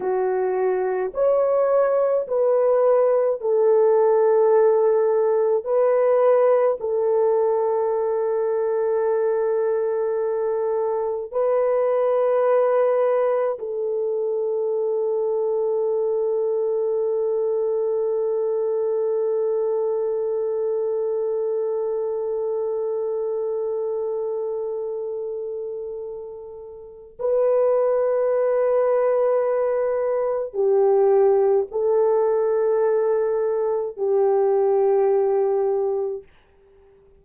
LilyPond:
\new Staff \with { instrumentName = "horn" } { \time 4/4 \tempo 4 = 53 fis'4 cis''4 b'4 a'4~ | a'4 b'4 a'2~ | a'2 b'2 | a'1~ |
a'1~ | a'1 | b'2. g'4 | a'2 g'2 | }